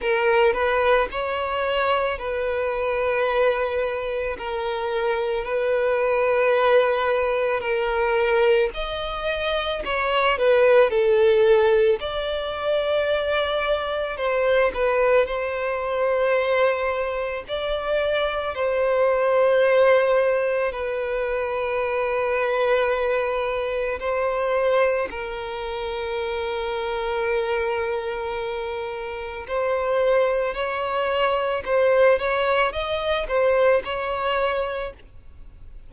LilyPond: \new Staff \with { instrumentName = "violin" } { \time 4/4 \tempo 4 = 55 ais'8 b'8 cis''4 b'2 | ais'4 b'2 ais'4 | dis''4 cis''8 b'8 a'4 d''4~ | d''4 c''8 b'8 c''2 |
d''4 c''2 b'4~ | b'2 c''4 ais'4~ | ais'2. c''4 | cis''4 c''8 cis''8 dis''8 c''8 cis''4 | }